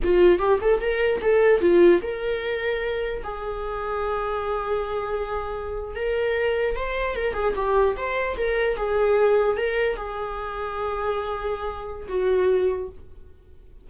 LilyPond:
\new Staff \with { instrumentName = "viola" } { \time 4/4 \tempo 4 = 149 f'4 g'8 a'8 ais'4 a'4 | f'4 ais'2. | gis'1~ | gis'2~ gis'8. ais'4~ ais'16~ |
ais'8. c''4 ais'8 gis'8 g'4 c''16~ | c''8. ais'4 gis'2 ais'16~ | ais'8. gis'2.~ gis'16~ | gis'2 fis'2 | }